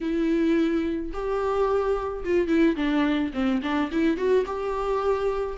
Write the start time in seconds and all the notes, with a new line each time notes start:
0.01 E4
1.13 G4
2.24 F4
2.47 E4
2.76 D4
3.33 C4
3.62 D4
3.91 E4
4.17 F#4
4.46 G4